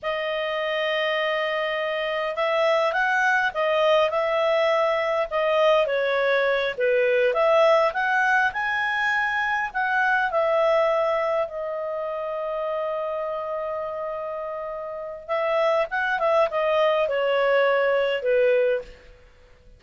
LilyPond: \new Staff \with { instrumentName = "clarinet" } { \time 4/4 \tempo 4 = 102 dis''1 | e''4 fis''4 dis''4 e''4~ | e''4 dis''4 cis''4. b'8~ | b'8 e''4 fis''4 gis''4.~ |
gis''8 fis''4 e''2 dis''8~ | dis''1~ | dis''2 e''4 fis''8 e''8 | dis''4 cis''2 b'4 | }